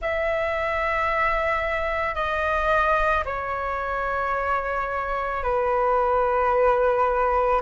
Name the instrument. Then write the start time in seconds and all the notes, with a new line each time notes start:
flute
0.01 E5
2.14 D#5
3.25 C#5
5.42 B4